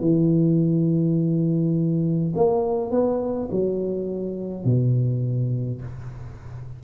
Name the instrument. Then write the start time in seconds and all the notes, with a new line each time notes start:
tuba
0.00 E3
2.35 A#3
2.90 B3
3.50 F#3
4.64 B2